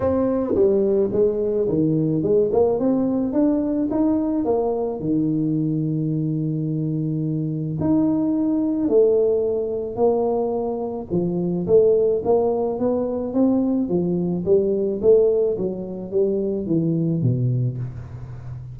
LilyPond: \new Staff \with { instrumentName = "tuba" } { \time 4/4 \tempo 4 = 108 c'4 g4 gis4 dis4 | gis8 ais8 c'4 d'4 dis'4 | ais4 dis2.~ | dis2 dis'2 |
a2 ais2 | f4 a4 ais4 b4 | c'4 f4 g4 a4 | fis4 g4 e4 b,4 | }